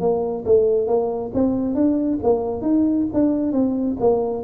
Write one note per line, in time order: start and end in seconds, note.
0.00 0.44 A#3
0.45 0.87 A3
0.87 1.31 A#3
1.34 1.74 C4
1.74 2.19 D4
2.23 2.61 A#3
2.61 3.06 D#4
3.13 3.52 D4
3.52 3.96 C4
4.00 4.43 A#3